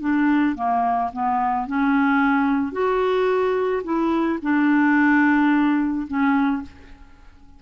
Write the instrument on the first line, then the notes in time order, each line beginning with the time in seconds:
clarinet
0.00 D4
0.55 A#3
1.12 B3
1.67 C#4
2.72 F#4
3.84 E4
4.42 D4
6.07 C#4